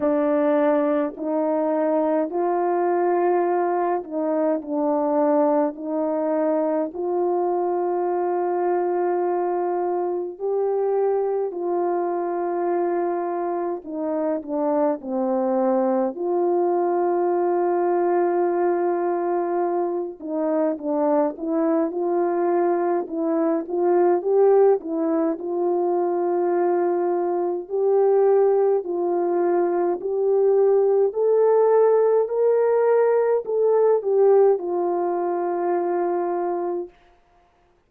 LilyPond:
\new Staff \with { instrumentName = "horn" } { \time 4/4 \tempo 4 = 52 d'4 dis'4 f'4. dis'8 | d'4 dis'4 f'2~ | f'4 g'4 f'2 | dis'8 d'8 c'4 f'2~ |
f'4. dis'8 d'8 e'8 f'4 | e'8 f'8 g'8 e'8 f'2 | g'4 f'4 g'4 a'4 | ais'4 a'8 g'8 f'2 | }